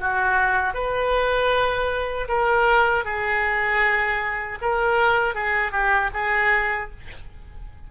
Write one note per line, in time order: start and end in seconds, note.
0.00 0.74 F#4
0.74 2.28 B4
2.28 3.05 A#4
3.05 4.59 G#4
4.62 5.35 A#4
5.35 5.72 G#4
5.72 6.10 G4
6.14 6.91 G#4